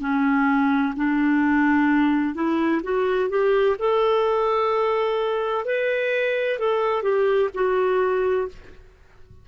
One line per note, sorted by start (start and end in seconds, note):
0.00 0.94 C#4
0.96 2.35 D4
2.35 2.82 E4
2.83 3.29 F#4
3.29 3.76 G4
3.79 5.65 A4
5.65 6.59 B4
6.59 7.03 A4
7.03 7.50 G4
7.54 8.48 F#4